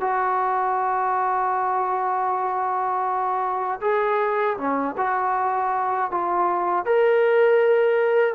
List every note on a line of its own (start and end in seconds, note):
0.00 3.80 F#4
3.80 4.56 G#4
4.57 4.95 C#4
4.97 6.10 F#4
6.10 6.85 F4
6.85 8.34 A#4